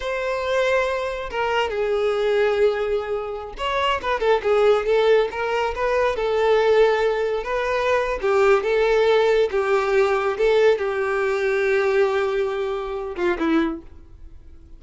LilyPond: \new Staff \with { instrumentName = "violin" } { \time 4/4 \tempo 4 = 139 c''2. ais'4 | gis'1~ | gis'16 cis''4 b'8 a'8 gis'4 a'8.~ | a'16 ais'4 b'4 a'4.~ a'16~ |
a'4~ a'16 b'4.~ b'16 g'4 | a'2 g'2 | a'4 g'2.~ | g'2~ g'8 f'8 e'4 | }